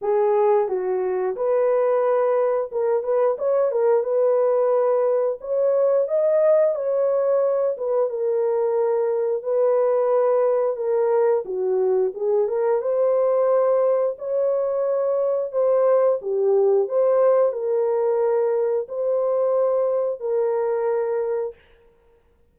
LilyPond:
\new Staff \with { instrumentName = "horn" } { \time 4/4 \tempo 4 = 89 gis'4 fis'4 b'2 | ais'8 b'8 cis''8 ais'8 b'2 | cis''4 dis''4 cis''4. b'8 | ais'2 b'2 |
ais'4 fis'4 gis'8 ais'8 c''4~ | c''4 cis''2 c''4 | g'4 c''4 ais'2 | c''2 ais'2 | }